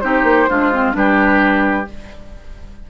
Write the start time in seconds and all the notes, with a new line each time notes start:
0.00 C4 D#4 G4 C5
0.23 A#3
0.49 G#3 D4 F4
0.72 C4
0.92 G3 D4 G4 B4